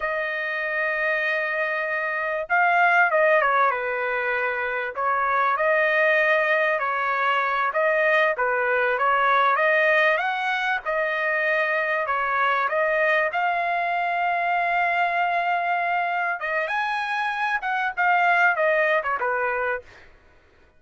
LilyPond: \new Staff \with { instrumentName = "trumpet" } { \time 4/4 \tempo 4 = 97 dis''1 | f''4 dis''8 cis''8 b'2 | cis''4 dis''2 cis''4~ | cis''8 dis''4 b'4 cis''4 dis''8~ |
dis''8 fis''4 dis''2 cis''8~ | cis''8 dis''4 f''2~ f''8~ | f''2~ f''8 dis''8 gis''4~ | gis''8 fis''8 f''4 dis''8. cis''16 b'4 | }